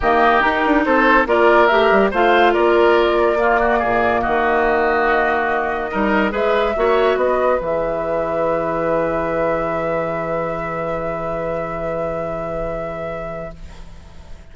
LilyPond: <<
  \new Staff \with { instrumentName = "flute" } { \time 4/4 \tempo 4 = 142 dis''4 ais'4 c''4 d''4 | e''4 f''4 d''2~ | d''2 dis''2~ | dis''2. e''4~ |
e''4 dis''4 e''2~ | e''1~ | e''1~ | e''1 | }
  \new Staff \with { instrumentName = "oboe" } { \time 4/4 g'2 a'4 ais'4~ | ais'4 c''4 ais'2 | f'8 fis'8 gis'4 fis'2~ | fis'2 ais'4 b'4 |
cis''4 b'2.~ | b'1~ | b'1~ | b'1 | }
  \new Staff \with { instrumentName = "clarinet" } { \time 4/4 ais4 dis'2 f'4 | g'4 f'2. | ais1~ | ais2 dis'4 gis'4 |
fis'2 gis'2~ | gis'1~ | gis'1~ | gis'1 | }
  \new Staff \with { instrumentName = "bassoon" } { \time 4/4 dis4 dis'8 d'8 c'4 ais4 | a8 g8 a4 ais2~ | ais4 ais,4 dis2~ | dis2 g4 gis4 |
ais4 b4 e2~ | e1~ | e1~ | e1 | }
>>